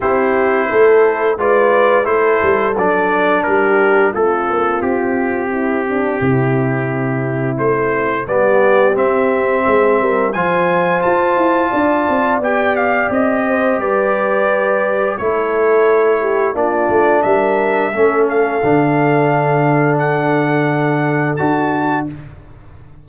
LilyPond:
<<
  \new Staff \with { instrumentName = "trumpet" } { \time 4/4 \tempo 4 = 87 c''2 d''4 c''4 | d''4 ais'4 a'4 g'4~ | g'2. c''4 | d''4 e''2 gis''4 |
a''2 g''8 f''8 dis''4 | d''2 cis''2 | d''4 e''4. f''4.~ | f''4 fis''2 a''4 | }
  \new Staff \with { instrumentName = "horn" } { \time 4/4 g'4 a'4 b'4 a'4~ | a'4 g'4 f'2 | e'8 d'8 e'2. | g'2 gis'8 ais'8 c''4~ |
c''4 d''2~ d''8 c''8 | b'2 a'4. g'8 | f'4 ais'4 a'2~ | a'1 | }
  \new Staff \with { instrumentName = "trombone" } { \time 4/4 e'2 f'4 e'4 | d'2 c'2~ | c'1 | b4 c'2 f'4~ |
f'2 g'2~ | g'2 e'2 | d'2 cis'4 d'4~ | d'2. fis'4 | }
  \new Staff \with { instrumentName = "tuba" } { \time 4/4 c'4 a4 gis4 a8 g8 | fis4 g4 a8 ais8 c'4~ | c'4 c2 a4 | g4 c'4 gis8 g8 f4 |
f'8 e'8 d'8 c'8 b4 c'4 | g2 a2 | ais8 a8 g4 a4 d4~ | d2. d'4 | }
>>